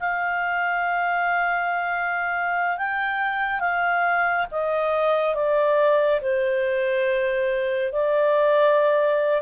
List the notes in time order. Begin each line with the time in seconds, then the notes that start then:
0.00 F5
2.78 G5
3.60 F5
4.51 D#5
5.35 D5
6.21 C5
7.92 D5